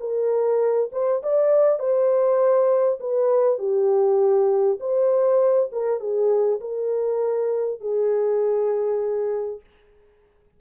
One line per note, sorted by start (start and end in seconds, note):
0.00 0.90 A#4
0.92 1.22 C5
1.23 1.79 D5
1.79 2.99 C5
3.00 3.58 B4
3.58 4.78 G4
4.80 5.70 C5
5.72 6.00 A#4
6.00 6.60 G#4
6.60 7.80 A#4
7.80 9.60 G#4